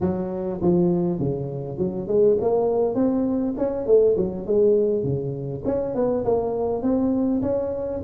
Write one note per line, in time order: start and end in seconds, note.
0.01 0.60 F#3
0.61 1.19 F3
1.19 1.78 C#3
1.78 2.07 F#3
2.07 2.37 G#3
2.40 2.94 A#3
2.94 3.54 C4
3.57 3.86 C#4
3.86 4.16 A3
4.16 4.46 F#3
4.46 5.03 G#3
5.03 5.62 C#3
5.65 5.94 C#4
5.94 6.24 B3
6.25 6.82 A#3
6.82 7.41 C4
7.41 8.01 C#4